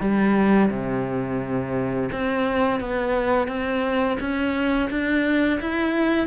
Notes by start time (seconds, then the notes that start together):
0.00 G3
0.70 C3
2.12 C4
2.80 B3
3.48 C4
4.20 C#4
4.90 D4
5.61 E4